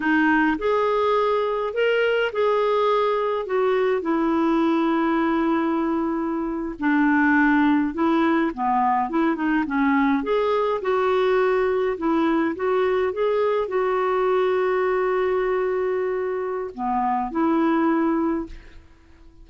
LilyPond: \new Staff \with { instrumentName = "clarinet" } { \time 4/4 \tempo 4 = 104 dis'4 gis'2 ais'4 | gis'2 fis'4 e'4~ | e'2.~ e'8. d'16~ | d'4.~ d'16 e'4 b4 e'16~ |
e'16 dis'8 cis'4 gis'4 fis'4~ fis'16~ | fis'8. e'4 fis'4 gis'4 fis'16~ | fis'1~ | fis'4 b4 e'2 | }